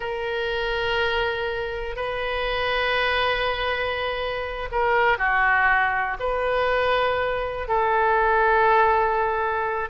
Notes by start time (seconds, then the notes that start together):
0.00 A#4
1.96 B4
4.71 A#4
5.18 F#4
6.19 B4
7.67 A4